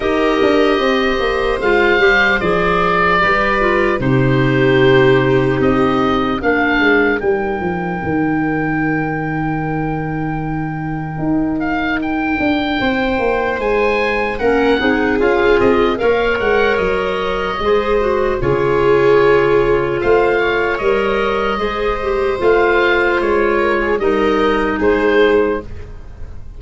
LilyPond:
<<
  \new Staff \with { instrumentName = "oboe" } { \time 4/4 \tempo 4 = 75 dis''2 f''4 d''4~ | d''4 c''2 dis''4 | f''4 g''2.~ | g''2~ g''8 f''8 g''4~ |
g''4 gis''4 fis''4 f''8 dis''8 | f''8 fis''8 dis''2 cis''4~ | cis''4 f''4 dis''2 | f''4 cis''4 dis''4 c''4 | }
  \new Staff \with { instrumentName = "viola" } { \time 4/4 ais'4 c''2. | b'4 g'2. | ais'1~ | ais'1 |
c''2 ais'8 gis'4. | cis''2 c''4 gis'4~ | gis'4 c''8 cis''4. c''4~ | c''4. ais'16 gis'16 ais'4 gis'4 | }
  \new Staff \with { instrumentName = "clarinet" } { \time 4/4 g'2 f'8 g'8 gis'4 | g'8 f'8 dis'2. | d'4 dis'2.~ | dis'1~ |
dis'2 cis'8 dis'8 f'4 | ais'2 gis'8 fis'8 f'4~ | f'2 ais'4 gis'8 g'8 | f'2 dis'2 | }
  \new Staff \with { instrumentName = "tuba" } { \time 4/4 dis'8 d'8 c'8 ais8 gis8 g8 f4 | g4 c2 c'4 | ais8 gis8 g8 f8 dis2~ | dis2 dis'4. d'8 |
c'8 ais8 gis4 ais8 c'8 cis'8 c'8 | ais8 gis8 fis4 gis4 cis4~ | cis4 a4 g4 gis4 | a4 gis4 g4 gis4 | }
>>